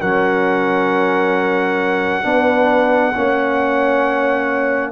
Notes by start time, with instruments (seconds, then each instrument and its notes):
0.00 tuba F#3, trombone C#4, horn A#4, trumpet F#5
2.23 tuba B3, trombone D4, horn B4
3.14 tuba A#3, trombone C#4, horn C#5